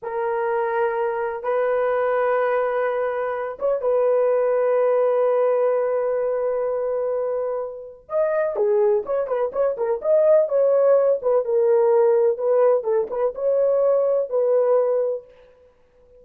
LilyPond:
\new Staff \with { instrumentName = "horn" } { \time 4/4 \tempo 4 = 126 ais'2. b'4~ | b'2.~ b'8 cis''8 | b'1~ | b'1~ |
b'4 dis''4 gis'4 cis''8 b'8 | cis''8 ais'8 dis''4 cis''4. b'8 | ais'2 b'4 a'8 b'8 | cis''2 b'2 | }